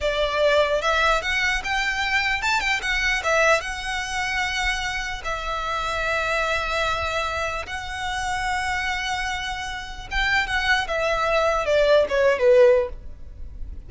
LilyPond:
\new Staff \with { instrumentName = "violin" } { \time 4/4 \tempo 4 = 149 d''2 e''4 fis''4 | g''2 a''8 g''8 fis''4 | e''4 fis''2.~ | fis''4 e''2.~ |
e''2. fis''4~ | fis''1~ | fis''4 g''4 fis''4 e''4~ | e''4 d''4 cis''8. b'4~ b'16 | }